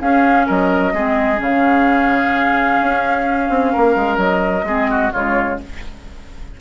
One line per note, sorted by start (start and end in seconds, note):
0.00 0.47 C#4
0.00 0.94 C#4
0.00 0.46 G#4
0.00 0.47 F5
0.46 0.93 F#3
0.46 0.93 A#4
0.46 1.41 D#5
0.93 1.40 G#3
0.93 1.36 C4
0.93 3.72 G#4
1.36 2.80 C#3
1.36 4.62 C#4
1.36 4.19 F5
2.81 3.49 C#4
3.49 3.73 C4
3.72 3.96 A#3
3.72 4.65 A#4
3.96 4.17 G#3
4.17 4.63 F#3
4.17 5.12 D#5
4.63 5.10 G#3
4.63 5.12 C4
4.63 4.90 G#4
4.90 5.12 F#4
5.12 5.60 C#3
5.12 5.58 G#3
5.12 5.59 F4
5.12 5.59 C#5